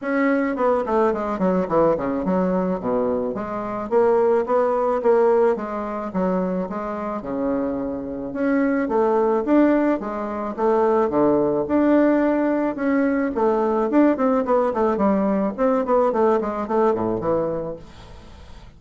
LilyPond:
\new Staff \with { instrumentName = "bassoon" } { \time 4/4 \tempo 4 = 108 cis'4 b8 a8 gis8 fis8 e8 cis8 | fis4 b,4 gis4 ais4 | b4 ais4 gis4 fis4 | gis4 cis2 cis'4 |
a4 d'4 gis4 a4 | d4 d'2 cis'4 | a4 d'8 c'8 b8 a8 g4 | c'8 b8 a8 gis8 a8 a,8 e4 | }